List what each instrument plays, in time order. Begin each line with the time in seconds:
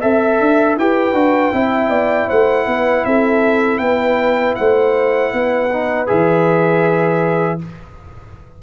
0.00 tuba C4, trombone A4, horn E5, trumpet E5
0.41 tuba D4
0.77 tuba E4, trombone G4, horn B4, trumpet G5
1.14 tuba D4, trombone F#4
1.52 tuba C4, trombone E4, horn E5
1.90 tuba B3, horn D5
2.28 tuba A3, horn C5, trumpet F#5
2.67 tuba B3, horn B4
3.05 tuba C4, horn A4, trumpet E5
3.78 tuba B3, horn B4, trumpet G5
4.56 tuba A3, horn C5, trumpet F#5
5.33 tuba B3, horn B4
5.73 trombone D#4
6.07 tuba E3, trombone G#4, trumpet E5